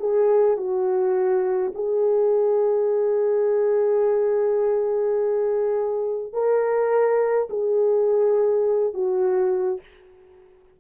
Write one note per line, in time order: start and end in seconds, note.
0.00 0.57 G#4
0.57 1.72 F#4
1.75 6.33 G#4
6.33 7.48 A#4
7.50 8.94 G#4
8.94 9.81 F#4